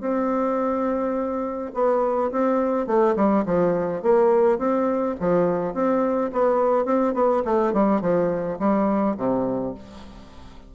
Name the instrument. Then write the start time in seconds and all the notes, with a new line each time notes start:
bassoon
0.00 C4
1.74 B3
2.31 C4
2.86 A3
3.16 G3
3.45 F3
4.02 A#3
4.58 C4
5.20 F3
5.74 C4
6.32 B3
6.85 C4
7.14 B3
7.44 A3
7.73 G3
8.01 F3
8.59 G3
9.17 C3